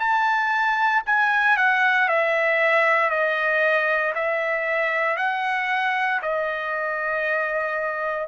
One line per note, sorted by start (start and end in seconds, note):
0.00 1.03 A5
1.06 1.57 G#5
1.57 2.09 F#5
2.09 3.10 E5
3.10 4.14 D#5
4.15 5.17 E5
5.17 6.21 F#5
6.22 8.28 D#5